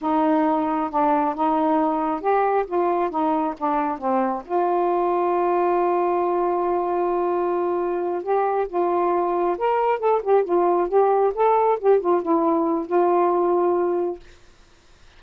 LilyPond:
\new Staff \with { instrumentName = "saxophone" } { \time 4/4 \tempo 4 = 135 dis'2 d'4 dis'4~ | dis'4 g'4 f'4 dis'4 | d'4 c'4 f'2~ | f'1~ |
f'2~ f'8 g'4 f'8~ | f'4. ais'4 a'8 g'8 f'8~ | f'8 g'4 a'4 g'8 f'8 e'8~ | e'4 f'2. | }